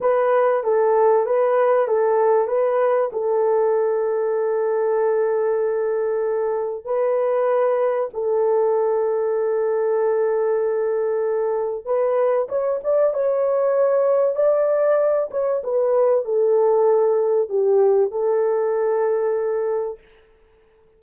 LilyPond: \new Staff \with { instrumentName = "horn" } { \time 4/4 \tempo 4 = 96 b'4 a'4 b'4 a'4 | b'4 a'2.~ | a'2. b'4~ | b'4 a'2.~ |
a'2. b'4 | cis''8 d''8 cis''2 d''4~ | d''8 cis''8 b'4 a'2 | g'4 a'2. | }